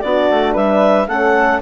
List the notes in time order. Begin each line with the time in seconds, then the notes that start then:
0.00 B3 D4 F#4 D5
0.30 A3
0.53 G3 B4 E5
1.07 A3 C#4 A4 F#5